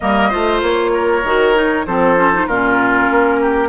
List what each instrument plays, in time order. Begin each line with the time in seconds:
0.00 bassoon G3, clarinet A#3, oboe A#4, flute D#5
0.29 bassoon A3, clarinet F4, oboe C5
0.62 bassoon A#3, flute C#5
0.93 oboe A#4
1.23 bassoon D#3, clarinet F#4
1.55 clarinet D#4
1.86 bassoon F3, clarinet C4, oboe A4, flute C5
2.16 clarinet C#4
2.33 clarinet D#4
2.46 bassoon A#2, clarinet C#4, oboe F4, flute A#4
3.10 bassoon A#3
3.41 oboe G4